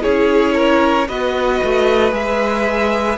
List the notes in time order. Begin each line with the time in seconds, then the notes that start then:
0.00 C#4 E4 G#4 C#5
0.54 A#4
1.08 B3 F#4 B4 D#5
1.64 A3
2.12 G#3 G#4 E5